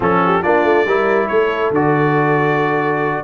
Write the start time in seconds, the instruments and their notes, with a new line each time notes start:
0.00 tuba F3, trombone C#4, horn A4, trumpet A4
0.25 horn G4
0.42 tuba A#3, trombone D4, horn F4, trumpet D5
0.64 tuba A3
0.85 tuba G3, trombone E4, horn A#4
1.27 tuba A3, horn A4, trumpet C#5
1.70 tuba D3, trombone F#4, trumpet D5